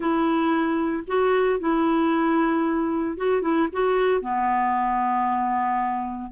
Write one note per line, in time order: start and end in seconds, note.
0.00 1.03 E4
1.07 1.59 F#4
1.59 3.17 E4
3.17 3.41 F#4
3.41 3.67 E4
3.72 4.21 F#4
4.21 6.31 B3